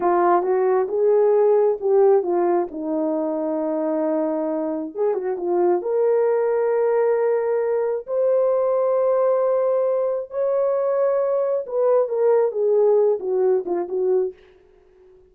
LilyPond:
\new Staff \with { instrumentName = "horn" } { \time 4/4 \tempo 4 = 134 f'4 fis'4 gis'2 | g'4 f'4 dis'2~ | dis'2. gis'8 fis'8 | f'4 ais'2.~ |
ais'2 c''2~ | c''2. cis''4~ | cis''2 b'4 ais'4 | gis'4. fis'4 f'8 fis'4 | }